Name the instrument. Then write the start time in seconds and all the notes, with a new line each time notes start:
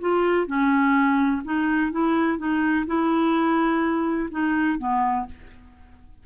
clarinet
0.00 F4
0.46 C#4
1.44 D#4
1.91 E4
2.38 D#4
2.86 E4
4.30 D#4
4.78 B3